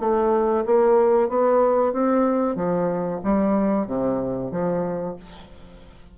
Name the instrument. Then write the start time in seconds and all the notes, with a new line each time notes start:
bassoon
0.00 A3
0.66 A#3
1.29 B3
1.93 C4
2.56 F3
3.24 G3
3.87 C3
4.51 F3